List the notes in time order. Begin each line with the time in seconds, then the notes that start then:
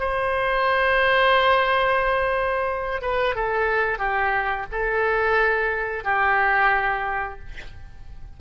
0.00 C5
3.02 B4
3.36 A4
3.99 G4
4.72 A4
6.05 G4